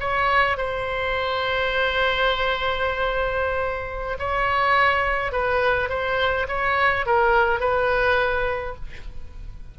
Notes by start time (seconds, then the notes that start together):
0.00 C#5
0.57 C5
4.19 C#5
5.32 B4
5.90 C5
6.48 C#5
7.06 A#4
7.60 B4